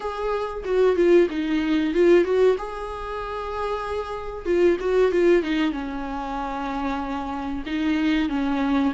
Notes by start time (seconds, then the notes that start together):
0.00 G#4
0.64 F#4
0.96 F4
1.30 D#4
1.94 F4
2.24 F#4
2.58 G#4
4.45 F4
4.80 F#4
5.11 F4
5.42 D#4
5.72 C#4
7.66 D#4
8.29 C#4